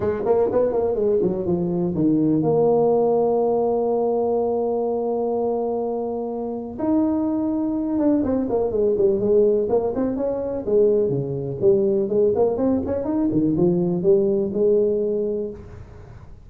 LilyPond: \new Staff \with { instrumentName = "tuba" } { \time 4/4 \tempo 4 = 124 gis8 ais8 b8 ais8 gis8 fis8 f4 | dis4 ais2.~ | ais1~ | ais2 dis'2~ |
dis'8 d'8 c'8 ais8 gis8 g8 gis4 | ais8 c'8 cis'4 gis4 cis4 | g4 gis8 ais8 c'8 cis'8 dis'8 dis8 | f4 g4 gis2 | }